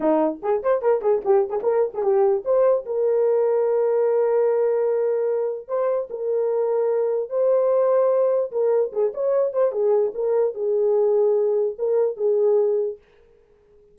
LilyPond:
\new Staff \with { instrumentName = "horn" } { \time 4/4 \tempo 4 = 148 dis'4 gis'8 c''8 ais'8 gis'8 g'8. gis'16 | ais'8. gis'16 g'4 c''4 ais'4~ | ais'1~ | ais'2 c''4 ais'4~ |
ais'2 c''2~ | c''4 ais'4 gis'8 cis''4 c''8 | gis'4 ais'4 gis'2~ | gis'4 ais'4 gis'2 | }